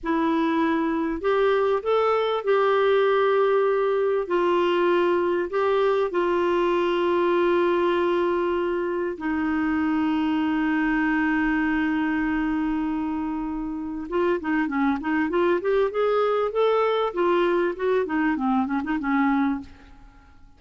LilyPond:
\new Staff \with { instrumentName = "clarinet" } { \time 4/4 \tempo 4 = 98 e'2 g'4 a'4 | g'2. f'4~ | f'4 g'4 f'2~ | f'2. dis'4~ |
dis'1~ | dis'2. f'8 dis'8 | cis'8 dis'8 f'8 g'8 gis'4 a'4 | f'4 fis'8 dis'8 c'8 cis'16 dis'16 cis'4 | }